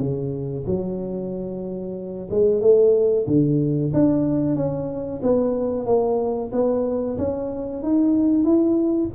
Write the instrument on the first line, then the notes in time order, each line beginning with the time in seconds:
tuba
0.00 C#3
0.66 F#3
2.31 G#3
2.61 A3
3.27 D3
3.93 D4
4.56 C#4
5.23 B3
5.86 A#3
6.52 B3
7.18 C#4
7.83 D#4
8.44 E4